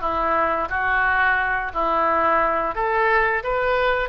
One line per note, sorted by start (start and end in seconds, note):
0.00 0.68 E4
0.69 1.71 F#4
1.73 2.75 E4
2.75 3.43 A4
3.43 4.09 B4